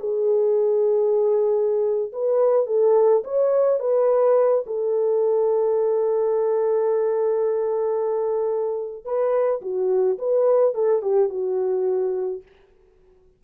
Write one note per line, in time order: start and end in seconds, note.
0.00 2.12 G#4
2.13 2.67 B4
2.67 3.23 A4
3.24 3.80 C#5
3.80 4.65 B4
4.66 9.05 A4
9.05 9.61 B4
9.62 10.18 F#4
10.19 10.75 B4
10.75 11.02 A4
11.02 11.29 G4
11.29 12.42 F#4